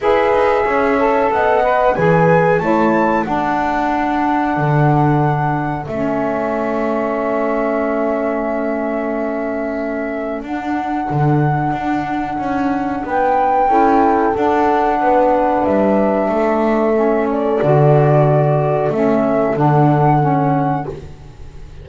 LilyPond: <<
  \new Staff \with { instrumentName = "flute" } { \time 4/4 \tempo 4 = 92 e''2 fis''4 gis''4 | a''4 fis''2.~ | fis''4 e''2.~ | e''1 |
fis''1 | g''2 fis''2 | e''2~ e''8 d''4.~ | d''4 e''4 fis''2 | }
  \new Staff \with { instrumentName = "horn" } { \time 4/4 b'4 cis''4 dis''4 b'4 | cis''4 a'2.~ | a'1~ | a'1~ |
a'1 | b'4 a'2 b'4~ | b'4 a'2.~ | a'1 | }
  \new Staff \with { instrumentName = "saxophone" } { \time 4/4 gis'4. a'4 b'8 gis'4 | e'4 d'2.~ | d'4 cis'2.~ | cis'1 |
d'1~ | d'4 e'4 d'2~ | d'2 cis'4 fis'4~ | fis'4 cis'4 d'4 cis'4 | }
  \new Staff \with { instrumentName = "double bass" } { \time 4/4 e'8 dis'8 cis'4 b4 e4 | a4 d'2 d4~ | d4 a2.~ | a1 |
d'4 d4 d'4 cis'4 | b4 cis'4 d'4 b4 | g4 a2 d4~ | d4 a4 d2 | }
>>